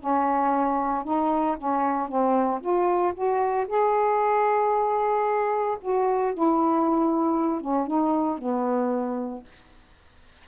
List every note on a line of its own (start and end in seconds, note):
0.00 1.04 C#4
1.04 1.57 D#4
1.58 2.08 C#4
2.08 2.61 C4
2.61 3.14 F4
3.14 3.67 F#4
3.68 5.78 G#4
5.82 6.34 F#4
6.34 7.61 E4
7.61 7.87 C#4
7.87 8.39 D#4
8.39 9.44 B3